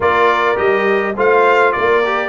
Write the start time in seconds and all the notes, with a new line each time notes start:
0.00 A#3 F4 A#4 D5
0.56 G3 G4 D#5
1.16 A3 F4 C5 F5
1.72 A#3 A#4 D5
2.04 G4